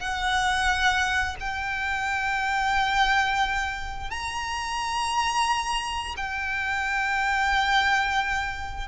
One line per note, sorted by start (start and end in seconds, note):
0.00 1.36 F#5
1.40 4.11 G5
4.11 6.15 A#5
6.17 8.88 G5